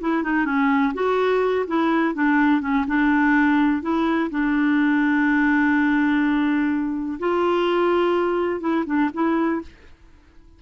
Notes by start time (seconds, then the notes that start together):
0.00 E4
0.23 D#4
0.45 C#4
0.94 F#4
1.67 E4
2.14 D4
2.61 C#4
2.87 D4
3.82 E4
4.30 D4
7.19 F4
8.60 E4
8.86 D4
9.13 E4